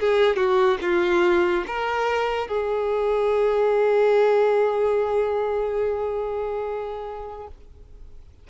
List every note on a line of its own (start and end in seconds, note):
0.00 0.36 G#4
0.36 0.78 F#4
0.81 1.65 F4
1.67 2.48 A#4
2.48 7.48 G#4